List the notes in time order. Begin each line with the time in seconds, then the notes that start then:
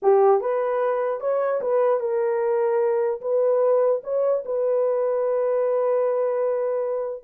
0.02 G4
0.40 B4
1.20 C#5
1.61 B4
1.99 A#4
3.21 B4
4.03 C#5
4.45 B4